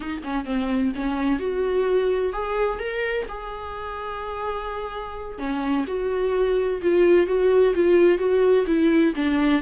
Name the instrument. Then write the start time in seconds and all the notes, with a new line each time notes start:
viola
0.00 D#4
0.23 C#4
0.45 C4
0.95 C#4
1.39 F#4
2.32 G#4
2.79 A#4
3.28 G#4
5.38 C#4
5.87 F#4
6.82 F4
7.27 F#4
7.75 F4
8.18 F#4
8.66 E4
9.15 D4